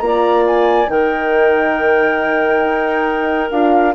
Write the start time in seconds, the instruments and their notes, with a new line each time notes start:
0.00 bassoon A#3, horn F4, flute A#5
0.07 clarinet D5
0.47 flute G#5
0.88 bassoon D#3, horn D#4, clarinet A#4, flute G5
2.64 bassoon D#4
3.51 bassoon D4, horn F4, flute F5